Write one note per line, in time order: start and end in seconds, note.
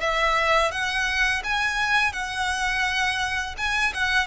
0.00 0.71 E5
0.71 1.43 F#5
1.44 2.12 G#5
2.12 3.55 F#5
3.57 3.93 G#5
3.94 4.27 F#5